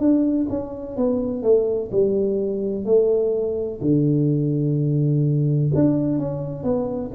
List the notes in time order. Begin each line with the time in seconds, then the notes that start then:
0.00 D4
0.50 C#4
0.97 B3
1.43 A3
1.92 G3
2.85 A3
3.81 D3
5.75 D4
6.19 C#4
6.64 B3